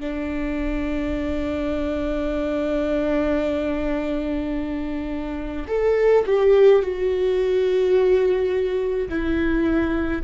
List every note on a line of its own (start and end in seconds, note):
0.00 5.66 D4
5.68 6.24 A4
6.26 6.82 G4
6.82 9.08 F#4
9.09 10.22 E4